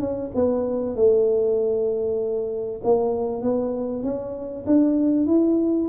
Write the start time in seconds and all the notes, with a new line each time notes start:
0.00 C#4
0.35 B3
0.96 A3
2.83 A#3
3.42 B3
4.03 C#4
4.66 D4
5.26 E4